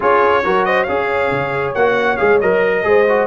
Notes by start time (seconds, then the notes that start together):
0.00 C#4 F4 G#4 C#5
0.44 F#3 F#4 A#4
0.65 C5 D#5
0.83 C#4 G#4 C#5 F5
1.31 C#3
1.74 A#3 F#4 F#5
2.16 G#3 G#4 F5
2.40 F#3 A#4 D#5
2.83 G#3 G#4 C5
3.08 F#4